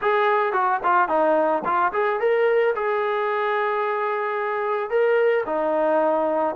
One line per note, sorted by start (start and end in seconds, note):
0.01 0.52 G#4
0.52 0.80 F#4
0.83 1.08 F4
1.08 1.62 D#4
1.64 1.92 F4
1.92 2.19 G#4
2.19 2.74 A#4
2.75 4.90 G#4
4.90 5.44 A#4
5.45 6.55 D#4